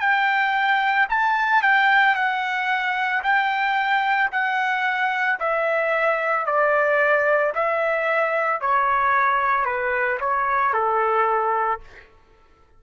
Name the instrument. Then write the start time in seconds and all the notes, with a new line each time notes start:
trumpet
0.00 G5
1.10 A5
1.62 G5
2.15 F#5
3.23 G5
4.31 F#5
5.40 E5
6.46 D5
7.55 E5
8.61 C#5
9.65 B4
10.20 C#5
10.73 A4